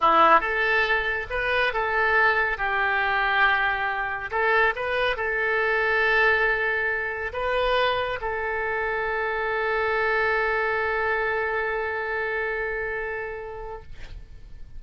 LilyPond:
\new Staff \with { instrumentName = "oboe" } { \time 4/4 \tempo 4 = 139 e'4 a'2 b'4 | a'2 g'2~ | g'2 a'4 b'4 | a'1~ |
a'4 b'2 a'4~ | a'1~ | a'1~ | a'1 | }